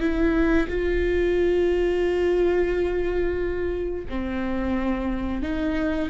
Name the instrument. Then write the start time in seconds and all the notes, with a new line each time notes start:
viola
0.00 E4
0.68 F4
4.09 C4
5.42 D#4